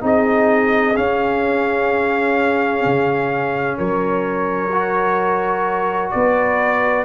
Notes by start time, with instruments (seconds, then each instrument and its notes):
0.00 tuba C4, trombone D#4, horn G#4, trumpet D#5
0.95 trombone C#4, tuba C#4, trumpet F5
2.85 tuba C#3
3.77 tuba F#3, horn A#4, trumpet C#5
4.72 trombone F#4
6.10 tuba B3, horn B4, trumpet D5